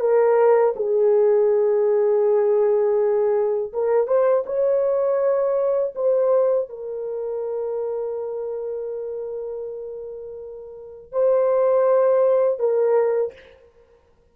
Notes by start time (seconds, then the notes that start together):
0.00 A#4
0.76 G#4
3.73 A#4
4.07 C5
4.46 C#5
5.95 C5
6.69 A#4
11.12 C5
12.59 A#4